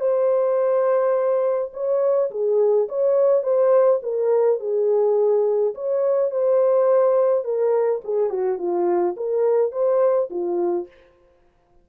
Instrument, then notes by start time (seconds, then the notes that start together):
horn
0.00 C5
1.73 C#5
2.31 G#4
2.88 C#5
3.43 C5
4.03 A#4
4.60 G#4
5.75 C#5
6.31 C5
7.44 A#4
8.04 G#4
8.30 F#4
8.58 F4
9.17 A#4
9.71 C5
10.30 F4